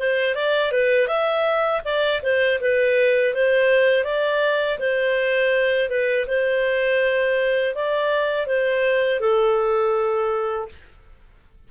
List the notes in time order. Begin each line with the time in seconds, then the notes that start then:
0.00 C5
0.35 D5
0.72 B4
1.07 E5
1.85 D5
2.23 C5
2.61 B4
3.35 C5
4.05 D5
4.79 C5
5.90 B4
6.28 C5
7.75 D5
8.47 C5
9.21 A4